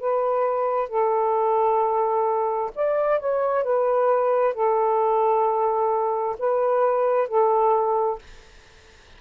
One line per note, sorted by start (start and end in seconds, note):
0.00 0.89 B4
0.89 2.71 A4
2.75 3.19 D5
3.19 3.64 C#5
3.64 4.54 B4
4.54 6.36 A4
6.38 7.28 B4
7.28 8.19 A4